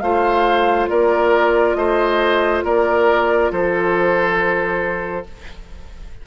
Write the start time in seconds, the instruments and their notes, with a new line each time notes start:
0.00 bassoon A3, clarinet F4, oboe C5, flute F5
0.89 bassoon A#3, oboe A#4, flute D5
1.74 bassoon A3, oboe C5, flute D#5
2.64 bassoon A#3, oboe A#4, flute D5
3.52 bassoon F3, oboe A4, flute C5